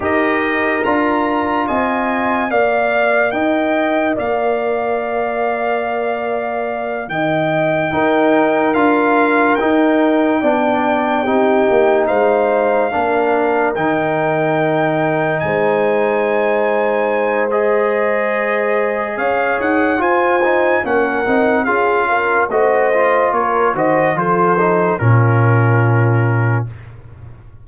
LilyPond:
<<
  \new Staff \with { instrumentName = "trumpet" } { \time 4/4 \tempo 4 = 72 dis''4 ais''4 gis''4 f''4 | g''4 f''2.~ | f''8 g''2 f''4 g''8~ | g''2~ g''8 f''4.~ |
f''8 g''2 gis''4.~ | gis''4 dis''2 f''8 fis''8 | gis''4 fis''4 f''4 dis''4 | cis''8 dis''8 c''4 ais'2 | }
  \new Staff \with { instrumentName = "horn" } { \time 4/4 ais'2 dis''4 d''4 | dis''4 d''2.~ | d''8 dis''4 ais'2~ ais'8~ | ais'8 d''4 g'4 c''4 ais'8~ |
ais'2~ ais'8 c''4.~ | c''2. cis''4 | c''4 ais'4 gis'8 ais'8 c''4 | ais'8 c''8 a'4 f'2 | }
  \new Staff \with { instrumentName = "trombone" } { \time 4/4 g'4 f'2 ais'4~ | ais'1~ | ais'4. dis'4 f'4 dis'8~ | dis'8 d'4 dis'2 d'8~ |
d'8 dis'2.~ dis'8~ | dis'4 gis'2. | f'8 dis'8 cis'8 dis'8 f'4 fis'8 f'8~ | f'8 fis'8 f'8 dis'8 cis'2 | }
  \new Staff \with { instrumentName = "tuba" } { \time 4/4 dis'4 d'4 c'4 ais4 | dis'4 ais2.~ | ais8 dis4 dis'4 d'4 dis'8~ | dis'8 b4 c'8 ais8 gis4 ais8~ |
ais8 dis2 gis4.~ | gis2. cis'8 dis'8 | f'4 ais8 c'8 cis'4 a4 | ais8 dis8 f4 ais,2 | }
>>